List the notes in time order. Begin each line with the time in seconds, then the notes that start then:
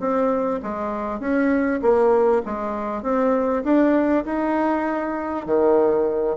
0.00 C4
0.63 G#3
1.20 C#4
1.82 A#3
2.45 G#3
3.03 C4
3.64 D4
4.25 D#4
5.46 D#3